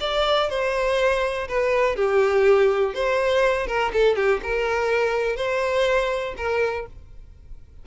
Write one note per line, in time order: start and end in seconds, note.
0.00 0.49 D5
0.49 1.48 C5
1.48 1.96 B4
1.96 2.94 G4
2.94 3.67 C5
3.67 3.91 A#4
3.93 4.16 A4
4.16 4.40 G4
4.43 5.36 A#4
5.36 6.34 C5
6.37 6.86 A#4